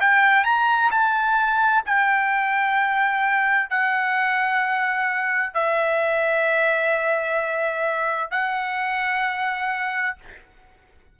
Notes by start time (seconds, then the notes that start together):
0.00 G5
0.44 A#5
0.91 A5
1.85 G5
3.69 F#5
5.53 E5
8.31 F#5